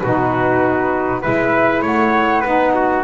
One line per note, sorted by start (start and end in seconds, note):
0.00 1.25 B2
0.00 1.22 D#4
0.00 1.22 F#4
0.00 1.21 B4
1.22 1.83 G#3
1.22 2.44 E4
1.22 1.82 B4
1.22 1.83 E5
1.82 2.44 A3
1.82 2.41 C#5
1.82 3.04 F#5
2.41 3.04 B3
2.41 3.04 D#4
2.41 2.71 B4
2.75 3.04 F#4